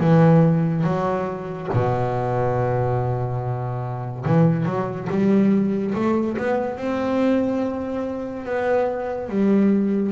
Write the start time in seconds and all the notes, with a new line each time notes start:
0.00 E3
0.84 F#3
1.73 B2
4.25 E3
4.66 F#3
5.10 G3
5.95 A3
6.38 B3
6.77 C4
8.45 B3
9.29 G3